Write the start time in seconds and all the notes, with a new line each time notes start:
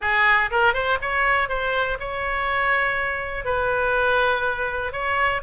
0.01 G#4
0.51 A#4
0.73 C5
1.01 C#5
1.48 C5
1.99 C#5
3.44 B4
4.92 C#5